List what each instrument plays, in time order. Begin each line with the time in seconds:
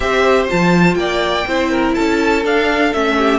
0.00 cello C4, viola G4, violin C5 E5
0.48 cello F3, viola F4, violin A5
0.94 cello A#3, violin D5 G5
1.46 cello C4, viola E4, violin C5
1.71 violin A#4
1.94 cello C#4, violin A4 A5
2.44 viola D4, cello D4, violin F5
2.93 cello A3, viola C#4, violin E5
3.18 violin G4